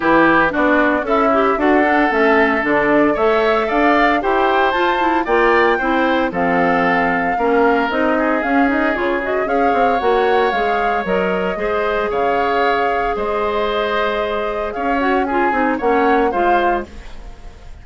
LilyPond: <<
  \new Staff \with { instrumentName = "flute" } { \time 4/4 \tempo 4 = 114 b'4 d''4 e''4 fis''4 | e''4 d''4 e''4 f''4 | g''4 a''4 g''2 | f''2. dis''4 |
f''8 dis''8 cis''8 dis''8 f''4 fis''4 | f''4 dis''2 f''4~ | f''4 dis''2. | f''8 fis''8 gis''4 fis''4 f''4 | }
  \new Staff \with { instrumentName = "oboe" } { \time 4/4 g'4 fis'4 e'4 a'4~ | a'2 cis''4 d''4 | c''2 d''4 c''4 | a'2 ais'4. gis'8~ |
gis'2 cis''2~ | cis''2 c''4 cis''4~ | cis''4 c''2. | cis''4 gis'4 cis''4 c''4 | }
  \new Staff \with { instrumentName = "clarinet" } { \time 4/4 e'4 d'4 a'8 g'8 fis'8 d'8 | cis'4 d'4 a'2 | g'4 f'8 e'8 f'4 e'4 | c'2 cis'4 dis'4 |
cis'8 dis'8 f'8 fis'8 gis'4 fis'4 | gis'4 ais'4 gis'2~ | gis'1~ | gis'8 fis'8 f'8 dis'8 cis'4 f'4 | }
  \new Staff \with { instrumentName = "bassoon" } { \time 4/4 e4 b4 cis'4 d'4 | a4 d4 a4 d'4 | e'4 f'4 ais4 c'4 | f2 ais4 c'4 |
cis'4 cis4 cis'8 c'8 ais4 | gis4 fis4 gis4 cis4~ | cis4 gis2. | cis'4. c'8 ais4 gis4 | }
>>